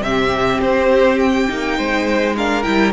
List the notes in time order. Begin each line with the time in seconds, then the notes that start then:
0.00 C3 C4 G4 E5
0.61 C4 C5
1.20 G5
1.49 A#3 D#4
1.78 G#3 C5
2.37 D4 A#4 F5
2.63 G3 E4 G5